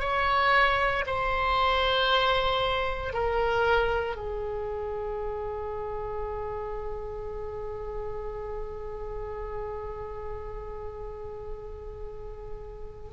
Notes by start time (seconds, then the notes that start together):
0.00 C#5
1.07 C5
3.14 A#4
4.16 G#4